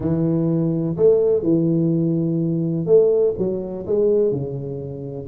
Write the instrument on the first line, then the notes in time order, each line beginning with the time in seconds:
tuba
0.00 E3
0.96 A3
1.42 E3
2.85 A3
3.38 F#3
3.86 G#3
4.31 C#3